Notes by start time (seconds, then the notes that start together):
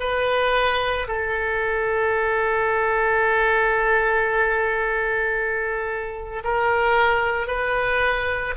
0.00 B4
1.07 A4
6.44 A#4
7.47 B4